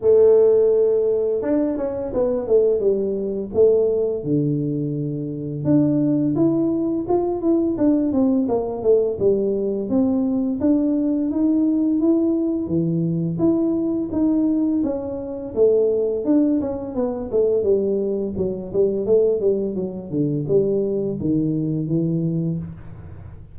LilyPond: \new Staff \with { instrumentName = "tuba" } { \time 4/4 \tempo 4 = 85 a2 d'8 cis'8 b8 a8 | g4 a4 d2 | d'4 e'4 f'8 e'8 d'8 c'8 | ais8 a8 g4 c'4 d'4 |
dis'4 e'4 e4 e'4 | dis'4 cis'4 a4 d'8 cis'8 | b8 a8 g4 fis8 g8 a8 g8 | fis8 d8 g4 dis4 e4 | }